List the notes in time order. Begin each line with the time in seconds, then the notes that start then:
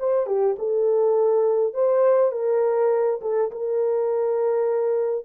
0.00 C5
0.27 G4
0.59 A4
1.74 C5
2.32 A#4
3.22 A4
3.52 A#4